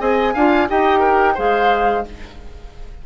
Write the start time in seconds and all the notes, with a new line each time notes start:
0.00 C4 G#4 D#5 G#5
0.34 D4 F4 F5
0.69 D#4 G4 D#5 G5
1.00 A#4
1.35 G#3 G#4 C5 F5